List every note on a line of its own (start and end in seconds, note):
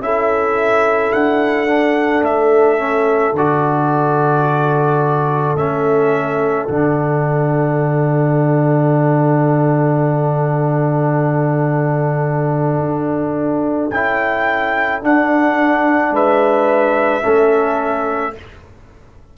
0.00 1.11 C#4
0.00 1.68 E4
0.00 16.13 A4
0.00 1.13 E5
1.13 2.22 D4
1.13 2.24 F#5
1.68 2.78 D4
2.22 3.33 A3
2.22 3.35 E5
2.78 3.34 C#4
3.33 5.55 D3
3.33 5.57 F#4
3.33 5.57 D5
5.56 6.67 A3
5.56 6.68 C#4
5.56 6.67 E5
6.67 12.79 D3
6.67 13.91 D4
6.67 13.89 F#5
12.79 13.90 D4
13.91 15.02 C#4
13.91 15.02 E4
13.91 15.02 G5
15.02 16.11 D4
15.02 17.22 D4
15.02 16.16 F#5
16.11 17.22 G#3
16.11 17.24 B4
16.11 18.38 E5
17.22 18.37 A3
17.22 18.33 C#4
17.22 18.35 A4